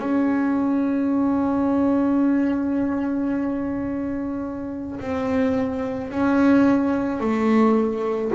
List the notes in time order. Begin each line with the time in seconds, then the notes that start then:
0.00 C#4
5.00 C4
6.11 C#4
7.21 A3